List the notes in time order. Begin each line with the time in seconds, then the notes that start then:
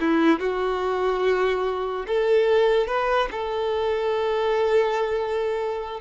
0.00 E4
0.39 F#4
2.07 A4
2.87 B4
3.31 A4